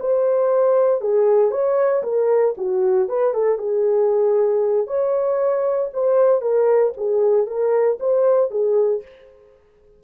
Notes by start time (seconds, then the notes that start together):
0.00 C5
1.01 G#4
1.51 C#5
2.03 A#4
2.57 F#4
3.09 B4
3.34 A4
3.59 G#4
4.87 C#5
5.94 C5
6.42 A#4
6.97 G#4
7.47 A#4
8.00 C5
8.51 G#4